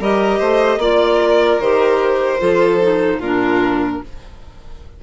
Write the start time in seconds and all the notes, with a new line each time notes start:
0.00 G3 G4 A#4 D#5
0.39 A3 C5
0.78 A#3 F4 D5
1.21 A#4
1.60 D#3 G4 C5
2.39 F3 F4 A4
2.82 D#4
3.19 A#2 D4 F4 A#4